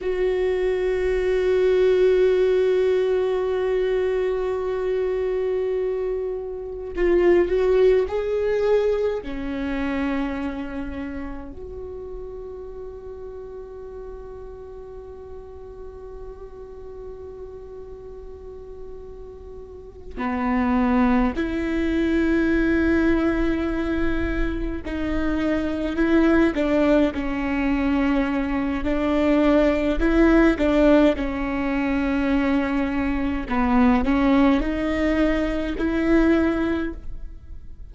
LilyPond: \new Staff \with { instrumentName = "viola" } { \time 4/4 \tempo 4 = 52 fis'1~ | fis'2 f'8 fis'8 gis'4 | cis'2 fis'2~ | fis'1~ |
fis'4. b4 e'4.~ | e'4. dis'4 e'8 d'8 cis'8~ | cis'4 d'4 e'8 d'8 cis'4~ | cis'4 b8 cis'8 dis'4 e'4 | }